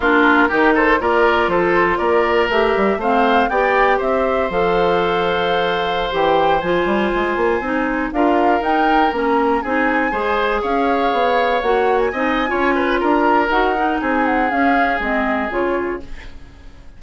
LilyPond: <<
  \new Staff \with { instrumentName = "flute" } { \time 4/4 \tempo 4 = 120 ais'4. c''8 d''4 c''4 | d''4 e''4 f''4 g''4 | e''4 f''2.~ | f''16 g''4 gis''2~ gis''8.~ |
gis''16 f''4 g''4 ais''4 gis''8.~ | gis''4~ gis''16 f''2 fis''8. | gis''2 ais''4 fis''4 | gis''8 fis''8 f''4 dis''4 cis''4 | }
  \new Staff \with { instrumentName = "oboe" } { \time 4/4 f'4 g'8 a'8 ais'4 a'4 | ais'2 c''4 d''4 | c''1~ | c''1~ |
c''16 ais'2. gis'8.~ | gis'16 c''4 cis''2~ cis''8.~ | cis''16 dis''8. cis''8 b'8 ais'2 | gis'1 | }
  \new Staff \with { instrumentName = "clarinet" } { \time 4/4 d'4 dis'4 f'2~ | f'4 g'4 c'4 g'4~ | g'4 a'2.~ | a'16 g'4 f'2 dis'8.~ |
dis'16 f'4 dis'4 cis'4 dis'8.~ | dis'16 gis'2. fis'8.~ | fis'16 dis'8. f'2 fis'8 dis'8~ | dis'4 cis'4 c'4 f'4 | }
  \new Staff \with { instrumentName = "bassoon" } { \time 4/4 ais4 dis4 ais4 f4 | ais4 a8 g8 a4 b4 | c'4 f2.~ | f16 e4 f8 g8 gis8 ais8 c'8.~ |
c'16 d'4 dis'4 ais4 c'8.~ | c'16 gis4 cis'4 b4 ais8.~ | ais16 c'8. cis'4 d'4 dis'4 | c'4 cis'4 gis4 cis4 | }
>>